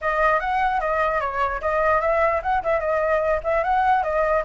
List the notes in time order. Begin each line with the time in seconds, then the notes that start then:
0.01 D#5
0.40 F#5
0.80 D#5
1.20 C#5
1.61 D#5
2.01 E5
2.42 F#5
2.63 E5
2.80 D#5
3.43 E5
3.63 F#5
4.03 D#5